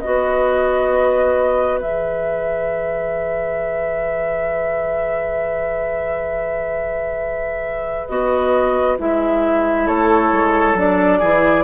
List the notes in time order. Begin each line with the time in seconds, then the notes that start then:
0.00 B3 F#4 B4 D#5
1.81 E3 G#4 E5
8.08 B3 F#4 D#5
8.99 G#3 E4 E5
9.86 A3 A4 C#5
10.32 G#3
10.74 F#3 D4 D5
11.19 E3 E4 G#4